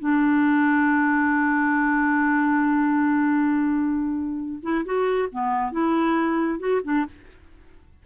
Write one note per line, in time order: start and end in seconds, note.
0.00 4.60 D4
4.63 4.85 E4
4.86 5.29 F#4
5.32 5.72 B3
5.72 6.60 E4
6.60 6.82 F#4
6.84 7.06 D4